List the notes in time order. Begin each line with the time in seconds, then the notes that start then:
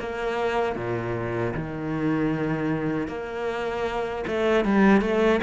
0.00 A#3
0.76 A#2
1.54 D#3
3.08 A#3
4.28 A3
4.65 G3
5.02 A3